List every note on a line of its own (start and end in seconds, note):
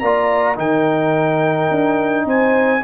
0.00 0.58 A#3
0.00 0.56 F4
0.00 0.58 D5
0.00 0.56 A#5
0.56 1.70 D#3
0.56 2.80 D#4
0.56 2.26 A#4
0.56 2.28 G5
1.71 2.26 D4
2.26 2.82 C4
2.26 2.82 C5
2.26 2.84 G#5